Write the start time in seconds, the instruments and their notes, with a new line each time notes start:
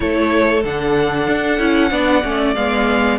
0.00 cello A3, viola E4, violin A4 C#5
0.63 cello D3, viola D4, violin F#5
1.27 cello D4
1.58 cello C#4, viola E4
1.90 cello B3, viola D4, violin D5
2.23 cello A3, viola C#4
2.55 cello G#3, viola B3, violin F5